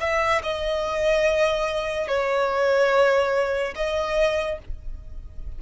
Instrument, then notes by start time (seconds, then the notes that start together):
violin
0.00 E5
0.43 D#5
2.08 C#5
3.75 D#5